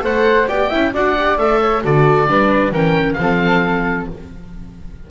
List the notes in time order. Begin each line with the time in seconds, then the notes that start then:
0.00 A3 A4 C5 F#5
0.47 B3 G4 D5 G5
0.69 C#4 E4 E5
0.93 D4 F#4 D5 F#5
1.18 G4
1.37 A3 A4 E5
1.61 C#5
1.83 D3 F#4 A4 D5
2.27 G3 D4 B4
2.71 E3 C#4 A#4 G5
3.13 F3 F5
3.19 C4 A4